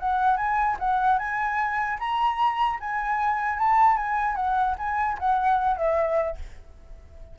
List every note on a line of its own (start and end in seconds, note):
0.00 0.37 F#5
0.37 0.77 G#5
0.80 1.19 F#5
1.19 1.99 G#5
2.00 2.80 A#5
2.80 3.59 G#5
3.59 3.97 A5
3.97 4.36 G#5
4.36 4.76 F#5
4.78 5.18 G#5
5.19 5.77 F#5
5.77 6.37 E5